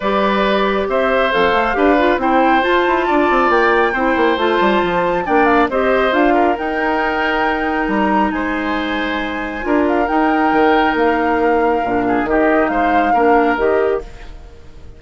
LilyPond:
<<
  \new Staff \with { instrumentName = "flute" } { \time 4/4 \tempo 4 = 137 d''2 e''4 f''4~ | f''4 g''4 a''2 | g''2 a''2 | g''8 f''8 dis''4 f''4 g''4~ |
g''2 ais''4 gis''4~ | gis''2~ gis''8 f''8 g''4~ | g''4 f''2. | dis''4 f''2 dis''4 | }
  \new Staff \with { instrumentName = "oboe" } { \time 4/4 b'2 c''2 | b'4 c''2 d''4~ | d''4 c''2. | d''4 c''4. ais'4.~ |
ais'2. c''4~ | c''2 ais'2~ | ais'2.~ ais'8 gis'8 | g'4 c''4 ais'2 | }
  \new Staff \with { instrumentName = "clarinet" } { \time 4/4 g'2. a'4 | g'8 f'8 e'4 f'2~ | f'4 e'4 f'2 | d'4 g'4 f'4 dis'4~ |
dis'1~ | dis'2 f'4 dis'4~ | dis'2. d'4 | dis'2 d'4 g'4 | }
  \new Staff \with { instrumentName = "bassoon" } { \time 4/4 g2 c'4 f,8 a8 | d'4 c'4 f'8 e'8 d'8 c'8 | ais4 c'8 ais8 a8 g8 f4 | ais4 c'4 d'4 dis'4~ |
dis'2 g4 gis4~ | gis2 d'4 dis'4 | dis4 ais2 ais,4 | dis4 gis4 ais4 dis4 | }
>>